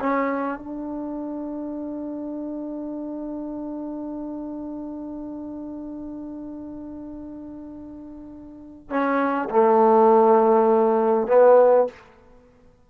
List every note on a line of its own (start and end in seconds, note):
0.00 0.59 C#4
0.59 8.90 D4
8.90 9.49 C#4
9.50 11.27 A3
11.27 11.87 B3